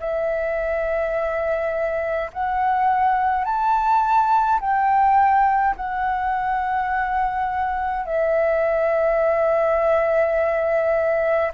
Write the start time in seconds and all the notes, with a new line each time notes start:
0.00 E5
2.33 F#5
3.45 A5
4.60 G5
5.76 F#5
8.06 E5